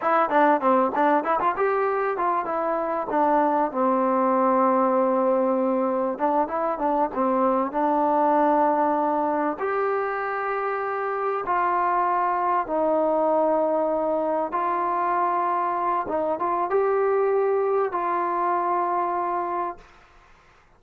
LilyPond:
\new Staff \with { instrumentName = "trombone" } { \time 4/4 \tempo 4 = 97 e'8 d'8 c'8 d'8 e'16 f'16 g'4 f'8 | e'4 d'4 c'2~ | c'2 d'8 e'8 d'8 c'8~ | c'8 d'2. g'8~ |
g'2~ g'8 f'4.~ | f'8 dis'2. f'8~ | f'2 dis'8 f'8 g'4~ | g'4 f'2. | }